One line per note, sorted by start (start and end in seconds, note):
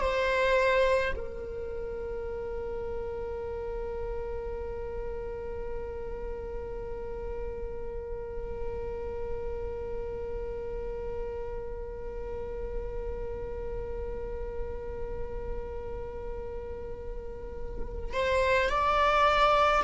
0.00 1.13 C5
1.16 18.13 A#4
18.13 18.69 C5
18.69 19.82 D5